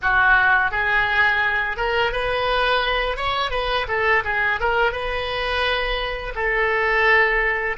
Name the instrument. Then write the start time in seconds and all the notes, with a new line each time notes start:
oboe
0.02 F#4
0.71 G#4
1.76 A#4
2.12 B4
3.16 C#5
3.51 B4
3.88 A4
4.24 G#4
4.59 A#4
4.92 B4
6.35 A4